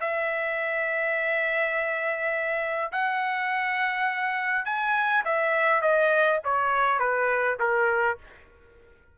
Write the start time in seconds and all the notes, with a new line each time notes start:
0.00 E5
2.92 F#5
4.65 G#5
5.24 E5
5.81 D#5
6.44 C#5
6.99 B4
7.59 A#4